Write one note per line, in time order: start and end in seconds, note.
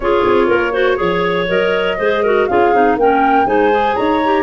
0.00 0.24 C#4
0.00 0.72 F4
0.00 0.47 G#4
0.00 1.45 C#5
0.25 0.50 C4
0.47 1.00 A#3
0.47 0.72 A#4
0.72 0.96 F#4
0.72 0.97 C5
0.96 1.49 F3
0.96 1.46 G#4
0.96 1.98 C#5
1.47 1.99 F#3
1.47 1.97 A#4
1.47 2.46 D#5
1.98 2.48 G#3
1.98 2.25 G#4
1.98 2.22 C5
2.22 2.49 F#4
2.22 2.47 A#4
2.46 2.73 C#4
2.46 2.74 F4
2.46 2.98 G#4
2.46 2.96 F5
2.73 2.96 C4
2.73 2.99 D#4
2.96 3.45 A#3
2.96 3.46 C#4
2.96 3.46 A#4
2.96 3.46 G5
3.46 3.95 G#3
3.46 3.70 D#4
3.46 3.95 C5
3.46 3.96 G#5
3.71 4.21 G#4
3.95 4.42 D#4
3.95 4.42 C#5
3.95 4.42 A#5
4.24 4.42 G4